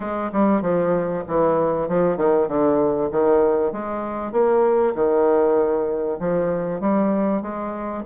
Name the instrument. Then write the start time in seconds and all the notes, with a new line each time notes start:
bassoon
0.00 G#3
0.32 G3
0.61 F3
1.27 E3
1.88 F3
2.16 D#3
2.47 D3
3.11 D#3
3.72 G#3
4.32 A#3
4.94 D#3
6.19 F3
6.80 G3
7.42 G#3